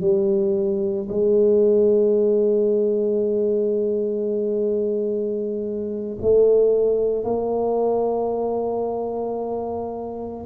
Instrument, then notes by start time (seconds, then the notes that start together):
tuba
0.00 G3
1.09 G#3
6.22 A3
7.24 A#3